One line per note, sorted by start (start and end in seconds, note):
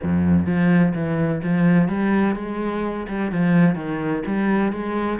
0.02 0.46 F2
0.46 0.93 F3
0.94 1.41 E3
1.43 1.88 F3
1.88 2.35 G3
2.35 3.06 G#3
3.08 3.31 G3
3.31 3.75 F3
3.75 4.22 D#3
4.26 4.72 G3
4.72 5.19 G#3